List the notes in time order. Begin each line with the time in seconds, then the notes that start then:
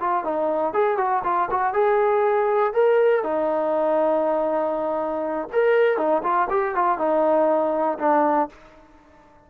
0.00 F4
0.25 D#4
0.74 G#4
0.97 F#4
1.24 F4
1.51 F#4
1.73 G#4
2.74 A#4
3.23 D#4
5.53 A#4
5.97 D#4
6.23 F4
6.50 G4
6.75 F4
6.98 D#4
7.99 D4